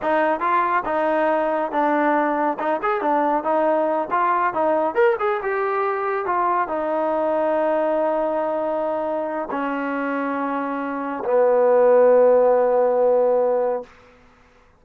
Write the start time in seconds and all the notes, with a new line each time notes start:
0.02 D#4
0.40 F4
0.85 D#4
1.71 D4
2.59 D#4
2.82 G#4
3.01 D4
3.43 D#4
4.10 F4
4.53 D#4
4.94 A#4
5.19 G#4
5.42 G4
6.25 F4
6.68 D#4
9.50 C#4
11.24 B3